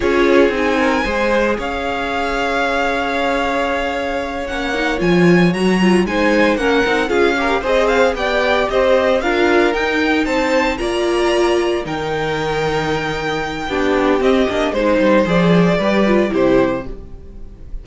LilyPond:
<<
  \new Staff \with { instrumentName = "violin" } { \time 4/4 \tempo 4 = 114 cis''4 gis''2 f''4~ | f''1~ | f''8 fis''4 gis''4 ais''4 gis''8~ | gis''8 fis''4 f''4 dis''8 f''8 g''8~ |
g''8 dis''4 f''4 g''4 a''8~ | a''8 ais''2 g''4.~ | g''2. dis''4 | c''4 d''2 c''4 | }
  \new Staff \with { instrumentName = "violin" } { \time 4/4 gis'4. ais'8 c''4 cis''4~ | cis''1~ | cis''2.~ cis''8 c''8~ | c''8 ais'4 gis'8 ais'8 c''4 d''8~ |
d''8 c''4 ais'2 c''8~ | c''8 d''2 ais'4.~ | ais'2 g'2 | c''2 b'4 g'4 | }
  \new Staff \with { instrumentName = "viola" } { \time 4/4 f'4 dis'4 gis'2~ | gis'1~ | gis'8 cis'8 dis'8 f'4 fis'8 f'8 dis'8~ | dis'8 cis'8 dis'8 f'8 g'8 gis'4 g'8~ |
g'4. f'4 dis'4.~ | dis'8 f'2 dis'4.~ | dis'2 d'4 c'8 d'8 | dis'4 gis'4 g'8 f'8 e'4 | }
  \new Staff \with { instrumentName = "cello" } { \time 4/4 cis'4 c'4 gis4 cis'4~ | cis'1~ | cis'8 ais4 f4 fis4 gis8~ | gis8 ais8 c'8 cis'4 c'4 b8~ |
b8 c'4 d'4 dis'4 c'8~ | c'8 ais2 dis4.~ | dis2 b4 c'8 ais8 | gis8 g8 f4 g4 c4 | }
>>